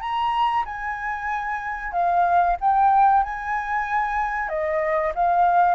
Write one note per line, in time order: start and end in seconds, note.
0.00 0.64 A#5
0.65 1.92 G#5
1.92 2.56 F5
2.60 3.23 G5
3.23 4.49 G#5
4.49 5.12 D#5
5.15 5.74 F5